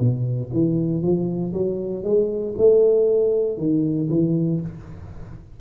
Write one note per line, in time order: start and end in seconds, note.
0.00 0.51 B2
0.53 1.02 E3
1.02 1.53 F3
1.54 2.04 F#3
2.04 2.55 G#3
2.58 3.58 A3
3.58 4.09 D#3
4.10 4.61 E3